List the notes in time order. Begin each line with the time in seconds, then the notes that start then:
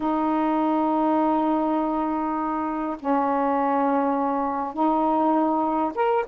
0.00 D#4
2.99 C#4
4.73 D#4
5.95 A#4